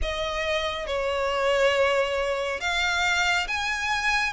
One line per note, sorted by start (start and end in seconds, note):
0.02 0.87 D#5
0.87 2.60 C#5
2.60 3.47 F5
3.47 4.32 G#5